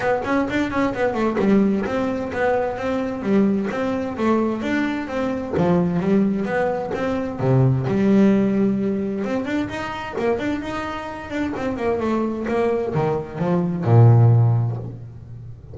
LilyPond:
\new Staff \with { instrumentName = "double bass" } { \time 4/4 \tempo 4 = 130 b8 cis'8 d'8 cis'8 b8 a8 g4 | c'4 b4 c'4 g4 | c'4 a4 d'4 c'4 | f4 g4 b4 c'4 |
c4 g2. | c'8 d'8 dis'4 ais8 d'8 dis'4~ | dis'8 d'8 c'8 ais8 a4 ais4 | dis4 f4 ais,2 | }